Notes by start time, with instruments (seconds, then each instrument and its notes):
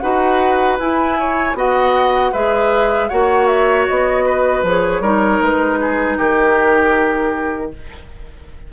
0.00 bassoon D#4, clarinet F#4, oboe B4, flute F#5
0.79 bassoon E4, clarinet E4, flute G#5
1.19 oboe C#5
1.55 bassoon B3, clarinet F#4, oboe D#5, flute F#5
2.32 bassoon G#3, clarinet G#4, oboe B4, flute E5
3.09 bassoon A#3, clarinet F#4, oboe C#5, flute F#5
3.47 flute E5
3.88 bassoon B3, flute D#5
4.26 oboe B4
4.63 bassoon F3, clarinet G#4, flute C#5
5.01 bassoon G3, clarinet D#4, oboe A#4
5.42 bassoon G#3, flute B4
5.81 oboe G#4
6.18 bassoon D#3, oboe G4, flute A#4